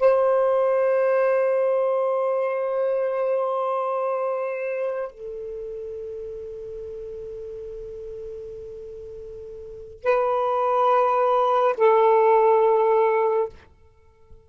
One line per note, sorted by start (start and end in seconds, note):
0.00 5.12 C5
5.12 10.04 A4
10.04 11.75 B4
11.78 13.49 A4